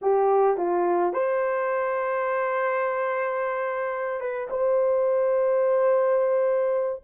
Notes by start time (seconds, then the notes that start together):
0.01 G4
0.57 F4
1.13 C5
4.20 B4
4.50 C5